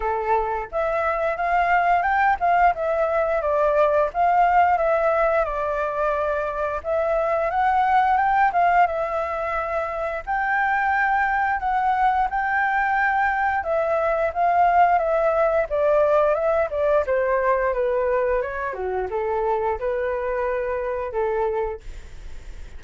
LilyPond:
\new Staff \with { instrumentName = "flute" } { \time 4/4 \tempo 4 = 88 a'4 e''4 f''4 g''8 f''8 | e''4 d''4 f''4 e''4 | d''2 e''4 fis''4 | g''8 f''8 e''2 g''4~ |
g''4 fis''4 g''2 | e''4 f''4 e''4 d''4 | e''8 d''8 c''4 b'4 cis''8 fis'8 | a'4 b'2 a'4 | }